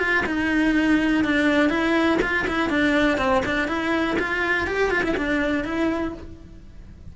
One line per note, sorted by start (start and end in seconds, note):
0.00 0.25 F4
0.26 1.25 D#4
1.25 1.70 D4
1.70 2.19 E4
2.22 2.47 F4
2.48 2.70 E4
2.70 3.18 D4
3.18 3.43 C4
3.46 3.68 D4
3.68 4.18 E4
4.19 4.67 F4
4.67 4.91 G4
4.91 5.04 F4
5.04 5.16 E4
5.17 5.64 D4
5.64 6.14 E4